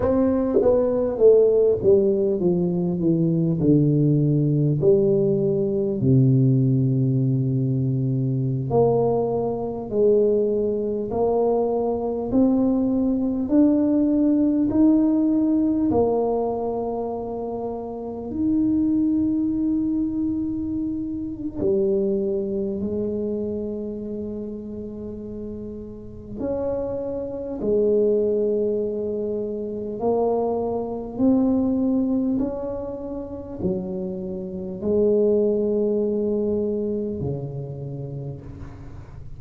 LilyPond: \new Staff \with { instrumentName = "tuba" } { \time 4/4 \tempo 4 = 50 c'8 b8 a8 g8 f8 e8 d4 | g4 c2~ c16 ais8.~ | ais16 gis4 ais4 c'4 d'8.~ | d'16 dis'4 ais2 dis'8.~ |
dis'2 g4 gis4~ | gis2 cis'4 gis4~ | gis4 ais4 c'4 cis'4 | fis4 gis2 cis4 | }